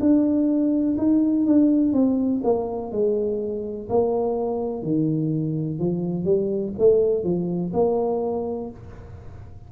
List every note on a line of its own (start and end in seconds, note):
0.00 0.97 D4
0.98 1.46 D#4
1.46 1.93 D4
1.93 2.41 C4
2.44 2.92 A#3
2.92 3.89 G#3
3.90 4.83 A#3
4.83 5.79 D#3
5.79 6.25 F3
6.25 6.73 G3
6.79 7.24 A3
7.24 7.72 F3
7.74 8.71 A#3